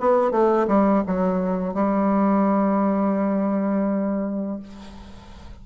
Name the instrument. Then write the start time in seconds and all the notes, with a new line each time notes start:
bassoon
0.00 B3
0.31 A3
0.68 G3
1.07 F#3
1.74 G3